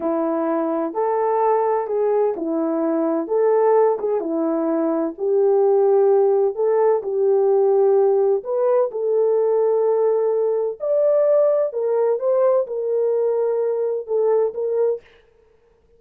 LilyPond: \new Staff \with { instrumentName = "horn" } { \time 4/4 \tempo 4 = 128 e'2 a'2 | gis'4 e'2 a'4~ | a'8 gis'8 e'2 g'4~ | g'2 a'4 g'4~ |
g'2 b'4 a'4~ | a'2. d''4~ | d''4 ais'4 c''4 ais'4~ | ais'2 a'4 ais'4 | }